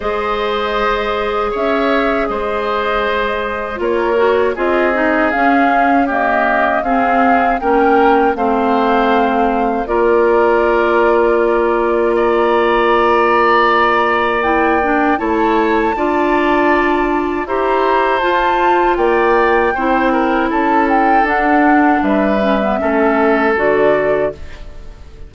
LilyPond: <<
  \new Staff \with { instrumentName = "flute" } { \time 4/4 \tempo 4 = 79 dis''2 e''4 dis''4~ | dis''4 cis''4 dis''4 f''4 | dis''4 f''4 g''4 f''4~ | f''4 d''2. |
ais''2. g''4 | a''2. ais''4 | a''4 g''2 a''8 g''8 | fis''4 e''2 d''4 | }
  \new Staff \with { instrumentName = "oboe" } { \time 4/4 c''2 cis''4 c''4~ | c''4 ais'4 gis'2 | g'4 gis'4 ais'4 c''4~ | c''4 ais'2. |
d''1 | cis''4 d''2 c''4~ | c''4 d''4 c''8 ais'8 a'4~ | a'4 b'4 a'2 | }
  \new Staff \with { instrumentName = "clarinet" } { \time 4/4 gis'1~ | gis'4 f'8 fis'8 f'8 dis'8 cis'4 | ais4 c'4 cis'4 c'4~ | c'4 f'2.~ |
f'2. e'8 d'8 | e'4 f'2 g'4 | f'2 e'2 | d'4. cis'16 b16 cis'4 fis'4 | }
  \new Staff \with { instrumentName = "bassoon" } { \time 4/4 gis2 cis'4 gis4~ | gis4 ais4 c'4 cis'4~ | cis'4 c'4 ais4 a4~ | a4 ais2.~ |
ais1 | a4 d'2 e'4 | f'4 ais4 c'4 cis'4 | d'4 g4 a4 d4 | }
>>